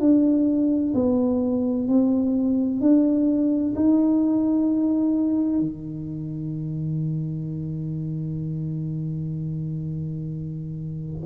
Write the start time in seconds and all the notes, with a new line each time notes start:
0.00 D4
0.95 B3
1.88 C4
2.81 D4
3.76 D#4
5.60 D#3